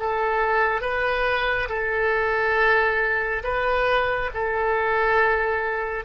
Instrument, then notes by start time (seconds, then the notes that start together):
oboe
0.00 A4
0.82 B4
1.69 A4
3.44 B4
4.34 A4